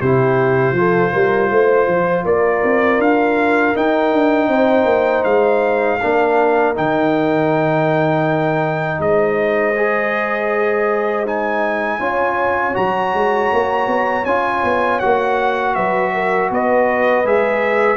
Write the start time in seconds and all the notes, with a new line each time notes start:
0.00 C3 E4 G4 C5
0.72 F3 F4
0.78 A4
1.13 G3 A#4
1.51 A3 C5
1.87 F3
2.25 A#3 A#4 D5
2.65 C4
2.99 D4 F5
3.75 D#4 G5
4.13 D4
4.49 C4 C5
4.85 A#3
5.24 G#3 F5
6.02 A#3 D4 A#4
6.75 D#3 D#4 G5
8.99 G#3 C5 D#5
9.77 G#4
11.26 D#4 G#5
11.98 C#4 F4 C#5
12.74 F#3 F#4 A#5
13.14 G#3
13.53 A#3
13.87 B3
14.25 C#4 F4 G#5
14.64 B3
15.00 A#3 F#4 F#5
15.75 F#3 B4 E5
16.14 A#4
16.51 B3 B4 D#5
17.25 G#3 G#4 E5